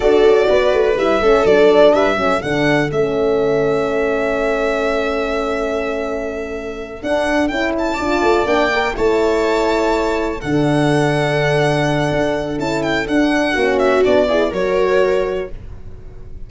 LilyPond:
<<
  \new Staff \with { instrumentName = "violin" } { \time 4/4 \tempo 4 = 124 d''2 e''4 d''4 | e''4 fis''4 e''2~ | e''1~ | e''2~ e''8 fis''4 g''8 |
a''4. g''4 a''4.~ | a''4. fis''2~ fis''8~ | fis''2 a''8 g''8 fis''4~ | fis''8 e''8 d''4 cis''2 | }
  \new Staff \with { instrumentName = "viola" } { \time 4/4 a'4 b'4. a'4. | b'8 a'2.~ a'8~ | a'1~ | a'1~ |
a'8 d''2 cis''4.~ | cis''4. a'2~ a'8~ | a'1 | fis'4. gis'8 ais'2 | }
  \new Staff \with { instrumentName = "horn" } { \time 4/4 fis'2 e'8 cis'8 d'4~ | d'8 cis'8 d'4 cis'2~ | cis'1~ | cis'2~ cis'8 d'4 e'8~ |
e'8 f'4 d'8 ais'8 e'4.~ | e'4. d'2~ d'8~ | d'2 e'4 d'4 | cis'4 d'8 e'8 fis'2 | }
  \new Staff \with { instrumentName = "tuba" } { \time 4/4 d'8 cis'8 b8 a8 g8 a8 fis4 | g8 fis8 d4 a2~ | a1~ | a2~ a8 d'4 cis'8~ |
cis'8 d'8 a8 ais4 a4.~ | a4. d2~ d8~ | d4 d'4 cis'4 d'4 | ais4 b4 fis2 | }
>>